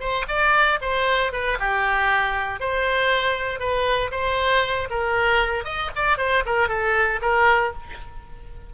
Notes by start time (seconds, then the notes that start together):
0.00 C5
0.28 D5
0.81 C5
1.32 B4
1.59 G4
2.60 C5
3.60 B4
4.11 C5
4.90 A#4
5.65 D#5
5.96 D5
6.18 C5
6.46 A#4
6.69 A4
7.22 A#4